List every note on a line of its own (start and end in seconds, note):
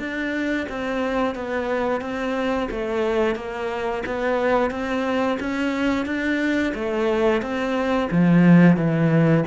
0.00 0.67 D4
0.69 1.35 C4
1.35 2.02 B3
2.02 2.69 C4
2.72 3.36 A3
3.36 4.03 A#3
4.07 4.71 B3
4.71 5.39 C4
5.40 6.06 C#4
6.06 6.74 D4
6.75 7.42 A3
7.42 8.10 C4
8.11 8.77 F3
8.77 9.44 E3